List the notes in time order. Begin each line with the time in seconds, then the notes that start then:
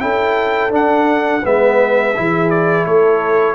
0.00 C#4 E4 A4 G5
0.70 D4 F#5
1.43 G#3 B3 B4 E5
2.16 E3 E4 G#4
2.50 D5
2.86 A3 A4 C#5